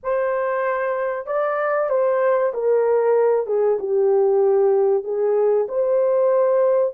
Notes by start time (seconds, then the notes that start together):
0.03 C5
1.26 D5
1.89 C5
2.53 A#4
3.46 G#4
3.79 G4
5.04 G#4
5.68 C5